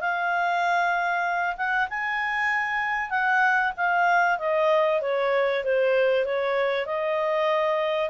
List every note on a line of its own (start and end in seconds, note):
0.00 1.56 F5
1.57 1.88 F#5
1.89 3.10 G#5
3.10 3.72 F#5
3.77 4.38 F5
4.38 5.01 D#5
5.01 5.63 C#5
5.64 6.25 C5
6.25 6.86 C#5
6.86 8.09 D#5